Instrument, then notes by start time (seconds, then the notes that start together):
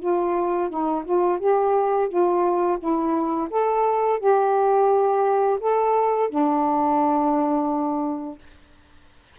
saxophone
0.00 F4
0.70 D#4
1.05 F4
1.40 G4
2.09 F4
2.79 E4
3.51 A4
4.20 G4
5.61 A4
6.30 D4